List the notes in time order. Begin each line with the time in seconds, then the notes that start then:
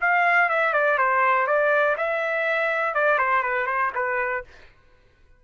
0.00 F5
0.49 E5
0.73 D5
0.98 C5
1.46 D5
1.97 E5
2.94 D5
3.18 C5
3.42 B4
3.66 C5
3.94 B4